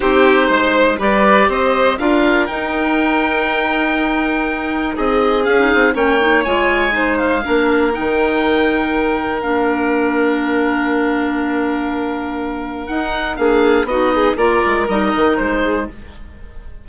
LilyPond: <<
  \new Staff \with { instrumentName = "oboe" } { \time 4/4 \tempo 4 = 121 c''2 d''4 dis''4 | f''4 g''2.~ | g''2 dis''4 f''4 | g''4 gis''4. f''4. |
g''2. f''4~ | f''1~ | f''2 fis''4 f''4 | dis''4 d''4 dis''4 c''4 | }
  \new Staff \with { instrumentName = "violin" } { \time 4/4 g'4 c''4 b'4 c''4 | ais'1~ | ais'2 gis'2 | cis''2 c''4 ais'4~ |
ais'1~ | ais'1~ | ais'2. gis'4 | fis'8 gis'8 ais'2~ ais'8 gis'8 | }
  \new Staff \with { instrumentName = "clarinet" } { \time 4/4 dis'2 g'2 | f'4 dis'2.~ | dis'2. cis'16 dis'8. | cis'8 dis'8 f'4 dis'4 d'4 |
dis'2. d'4~ | d'1~ | d'2 dis'4 d'4 | dis'4 f'4 dis'2 | }
  \new Staff \with { instrumentName = "bassoon" } { \time 4/4 c'4 gis4 g4 c'4 | d'4 dis'2.~ | dis'2 c'4 cis'8 c'8 | ais4 gis2 ais4 |
dis2. ais4~ | ais1~ | ais2 dis'4 ais4 | b4 ais8 gis8 g8 dis8 gis4 | }
>>